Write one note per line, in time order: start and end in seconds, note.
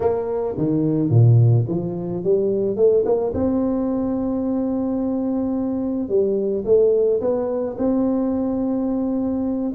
0.00 0.55 A#3
0.57 1.10 D#3
1.10 1.65 A#2
1.68 2.23 F3
2.23 2.76 G3
2.76 3.04 A3
3.05 3.33 A#3
3.34 6.08 C4
6.08 6.64 G3
6.64 7.20 A3
7.20 7.76 B3
7.78 9.72 C4